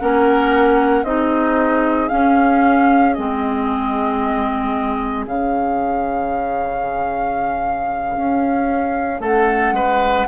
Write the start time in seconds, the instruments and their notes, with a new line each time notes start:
0.00 bassoon A#3, clarinet C#4, oboe A#4, flute F#5
1.04 bassoon C4, clarinet D#4, oboe G#4, flute D#5
2.09 clarinet C#4, bassoon C#4, flute F5
3.14 bassoon G#3, clarinet C4, flute D#5
5.27 bassoon C#3, clarinet C#4, flute F5
8.17 bassoon C#4
9.20 bassoon A3, oboe A4, flute F#5
9.73 bassoon G#3, oboe B4